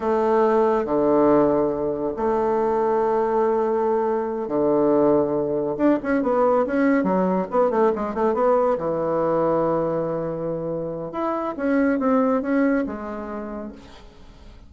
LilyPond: \new Staff \with { instrumentName = "bassoon" } { \time 4/4 \tempo 4 = 140 a2 d2~ | d4 a2.~ | a2~ a8 d4.~ | d4. d'8 cis'8 b4 cis'8~ |
cis'8 fis4 b8 a8 gis8 a8 b8~ | b8 e2.~ e8~ | e2 e'4 cis'4 | c'4 cis'4 gis2 | }